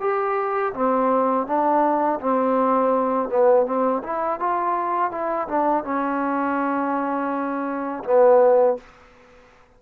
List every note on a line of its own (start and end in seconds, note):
0.00 0.73 G4
0.74 1.46 C4
1.46 2.20 D4
2.21 3.29 C4
3.29 3.66 B3
3.66 4.02 C4
4.03 4.39 E4
4.39 5.11 F4
5.11 5.47 E4
5.48 5.84 D4
5.84 8.04 C#4
8.04 8.77 B3